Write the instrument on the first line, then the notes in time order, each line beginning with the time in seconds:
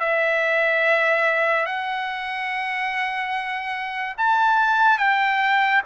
trumpet
0.00 E5
1.66 F#5
4.18 A5
4.99 G5